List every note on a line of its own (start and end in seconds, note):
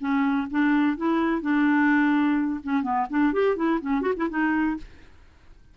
0.00 0.48 C#4
0.51 0.97 D4
0.97 1.42 E4
1.42 2.61 D4
2.63 2.83 C#4
2.83 3.06 B3
3.10 3.33 D4
3.33 3.56 G4
3.56 3.80 E4
3.81 4.02 C#4
4.02 4.13 F#4
4.17 4.29 E4
4.29 4.77 D#4